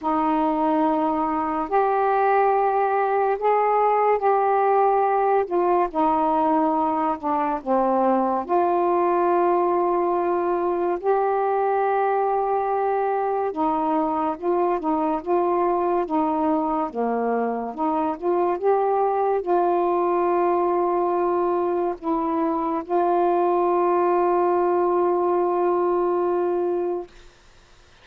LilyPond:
\new Staff \with { instrumentName = "saxophone" } { \time 4/4 \tempo 4 = 71 dis'2 g'2 | gis'4 g'4. f'8 dis'4~ | dis'8 d'8 c'4 f'2~ | f'4 g'2. |
dis'4 f'8 dis'8 f'4 dis'4 | ais4 dis'8 f'8 g'4 f'4~ | f'2 e'4 f'4~ | f'1 | }